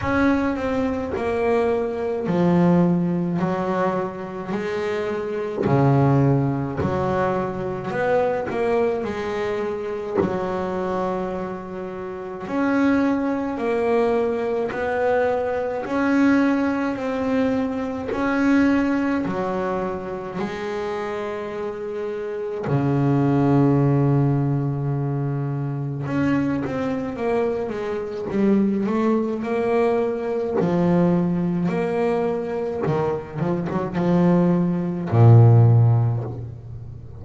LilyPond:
\new Staff \with { instrumentName = "double bass" } { \time 4/4 \tempo 4 = 53 cis'8 c'8 ais4 f4 fis4 | gis4 cis4 fis4 b8 ais8 | gis4 fis2 cis'4 | ais4 b4 cis'4 c'4 |
cis'4 fis4 gis2 | cis2. cis'8 c'8 | ais8 gis8 g8 a8 ais4 f4 | ais4 dis8 f16 fis16 f4 ais,4 | }